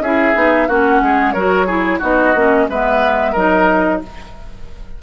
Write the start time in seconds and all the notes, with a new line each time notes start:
0.00 C#4 E4 G#4 E5
0.35 B3 D#4
0.68 A#3 C#4 F#4 F#5
1.02 G#3 G#4
1.32 F#3 F#4 A#4 C#5
1.67 E4 G#4
1.99 B3 D#4 F#4 D#5
2.35 A#3 C#4
2.69 G#3 B3 B4 E5
3.32 F#3 D#4 A#4 D#5